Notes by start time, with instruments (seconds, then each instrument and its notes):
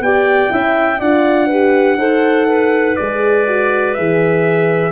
0.00 tuba B3, horn G4, clarinet D5, trumpet G5
0.50 tuba C#4, horn E4, clarinet E5
0.99 tuba D4, horn F4, clarinet D5, trumpet F#5
1.47 horn G4, clarinet B4
1.97 tuba D#4, horn A4, clarinet C5
2.48 clarinet B4
2.96 tuba G#3, horn G#4, trumpet D5
3.47 horn F#4
3.94 tuba E3, horn G#4, trumpet E5